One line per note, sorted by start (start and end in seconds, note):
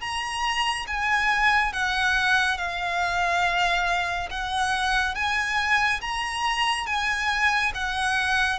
0.00 0.86 A#5
0.87 1.73 G#5
1.73 2.57 F#5
2.57 4.29 F5
4.30 5.14 F#5
5.14 6.00 G#5
6.01 6.86 A#5
6.86 7.72 G#5
7.74 8.59 F#5